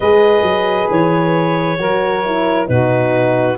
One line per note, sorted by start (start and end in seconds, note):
0.00 0.42 G#3
0.00 1.78 G#4
0.00 1.79 B4
0.00 0.89 D#5
0.42 0.87 F#3
0.90 1.78 E3
0.90 2.67 C#5
1.78 2.68 F#3
1.78 2.23 F#4
1.78 2.68 A#4
2.26 2.66 E4
2.66 3.58 B2
2.66 3.55 D#4
2.66 3.57 F#4
2.66 3.57 B4